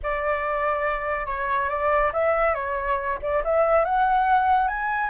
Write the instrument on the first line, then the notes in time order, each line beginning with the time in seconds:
flute
0.03 D5
1.26 C#5
1.69 D5
2.12 E5
2.54 C#5
3.21 D5
3.44 E5
3.85 F#5
4.68 G#5